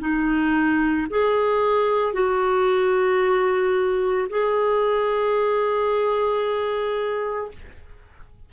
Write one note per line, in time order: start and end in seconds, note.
0.00 1.07 D#4
1.10 2.13 G#4
2.13 4.28 F#4
4.30 7.51 G#4